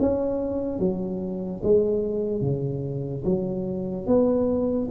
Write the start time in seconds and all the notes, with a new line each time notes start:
0.00 C#4
0.79 F#3
1.63 G#3
2.41 C#3
3.25 F#3
4.06 B3